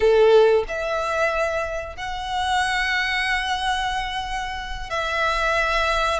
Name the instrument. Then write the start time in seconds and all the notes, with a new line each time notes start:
violin
0.00 A4
0.68 E5
1.96 F#5
4.89 E5